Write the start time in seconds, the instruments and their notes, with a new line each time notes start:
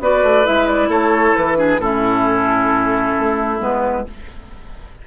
0.00 bassoon B3, clarinet F#4, oboe B4, flute D5
0.23 bassoon A3
0.44 bassoon G#3, clarinet E4, flute E5
0.67 flute D5
0.88 bassoon A3, oboe A4, flute C#5
1.35 bassoon E3, flute B4
1.56 clarinet D4, oboe G#4
1.78 bassoon A2, clarinet C#4, oboe E4, flute A4
3.19 bassoon A3
3.59 bassoon G#3, clarinet B3, flute B4